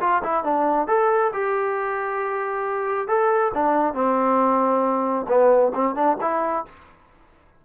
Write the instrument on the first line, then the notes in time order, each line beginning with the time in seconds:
trombone
0.00 F4
0.23 E4
0.43 D4
0.87 A4
1.33 G4
3.08 A4
3.54 D4
3.93 C4
5.28 B3
5.74 C4
5.95 D4
6.21 E4